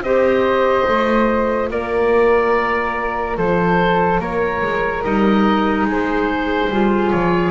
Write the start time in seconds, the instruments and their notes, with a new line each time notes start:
0.00 double bass C4, clarinet G4, flute C5, oboe D#5
0.87 double bass A3, clarinet F4
1.70 double bass A#3, flute A#4, oboe D5
3.36 double bass F3, flute A4, oboe C5
4.19 double bass A#3, flute A#4, oboe C#5
4.61 double bass G#3
5.03 double bass G3, clarinet D#4, oboe D#5
5.85 double bass G#3, flute G#4
5.91 oboe C5
6.69 double bass G3, clarinet F4
7.10 double bass F3, oboe C#5